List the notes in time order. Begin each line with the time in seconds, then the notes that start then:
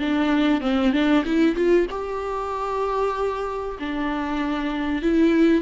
0.00 D4
0.62 C4
0.93 D4
1.25 E4
1.56 F4
1.91 G4
3.80 D4
5.03 E4